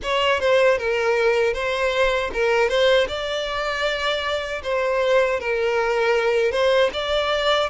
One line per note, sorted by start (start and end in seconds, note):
0.02 0.40 C#5
0.40 0.78 C5
0.78 1.53 A#4
1.53 2.30 C5
2.33 2.68 A#4
2.68 3.07 C5
3.08 4.62 D5
4.63 5.40 C5
5.40 6.51 A#4
6.51 6.90 C5
6.93 7.70 D5